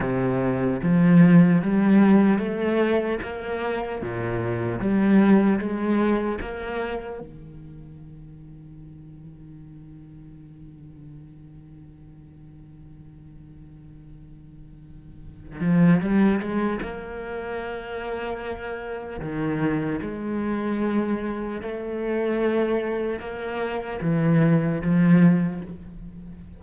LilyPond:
\new Staff \with { instrumentName = "cello" } { \time 4/4 \tempo 4 = 75 c4 f4 g4 a4 | ais4 ais,4 g4 gis4 | ais4 dis2.~ | dis1~ |
dis2.~ dis8 f8 | g8 gis8 ais2. | dis4 gis2 a4~ | a4 ais4 e4 f4 | }